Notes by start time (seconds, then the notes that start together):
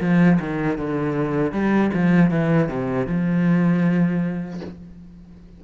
0.00 F3
0.40 D#3
0.77 D3
1.52 G3
1.93 F3
2.30 E3
2.68 C3
3.06 F3